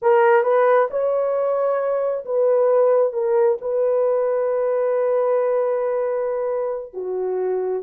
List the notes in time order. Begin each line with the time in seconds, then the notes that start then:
0.02 A#4
0.43 B4
0.90 C#5
2.25 B4
3.12 A#4
3.61 B4
6.93 F#4